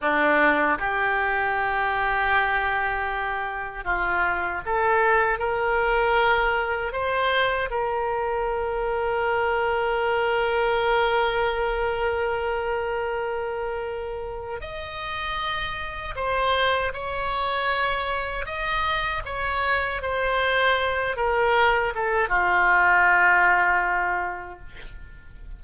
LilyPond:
\new Staff \with { instrumentName = "oboe" } { \time 4/4 \tempo 4 = 78 d'4 g'2.~ | g'4 f'4 a'4 ais'4~ | ais'4 c''4 ais'2~ | ais'1~ |
ais'2. dis''4~ | dis''4 c''4 cis''2 | dis''4 cis''4 c''4. ais'8~ | ais'8 a'8 f'2. | }